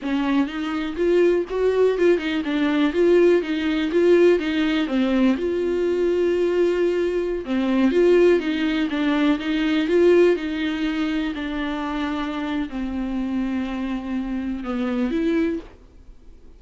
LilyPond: \new Staff \with { instrumentName = "viola" } { \time 4/4 \tempo 4 = 123 cis'4 dis'4 f'4 fis'4 | f'8 dis'8 d'4 f'4 dis'4 | f'4 dis'4 c'4 f'4~ | f'2.~ f'16 c'8.~ |
c'16 f'4 dis'4 d'4 dis'8.~ | dis'16 f'4 dis'2 d'8.~ | d'2 c'2~ | c'2 b4 e'4 | }